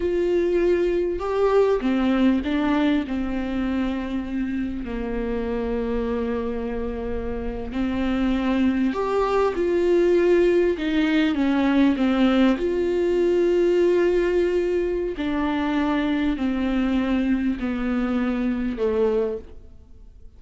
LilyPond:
\new Staff \with { instrumentName = "viola" } { \time 4/4 \tempo 4 = 99 f'2 g'4 c'4 | d'4 c'2. | ais1~ | ais8. c'2 g'4 f'16~ |
f'4.~ f'16 dis'4 cis'4 c'16~ | c'8. f'2.~ f'16~ | f'4 d'2 c'4~ | c'4 b2 a4 | }